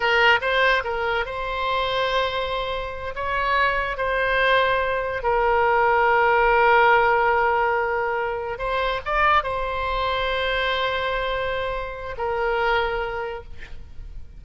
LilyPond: \new Staff \with { instrumentName = "oboe" } { \time 4/4 \tempo 4 = 143 ais'4 c''4 ais'4 c''4~ | c''2.~ c''8 cis''8~ | cis''4. c''2~ c''8~ | c''8 ais'2.~ ais'8~ |
ais'1~ | ais'8 c''4 d''4 c''4.~ | c''1~ | c''4 ais'2. | }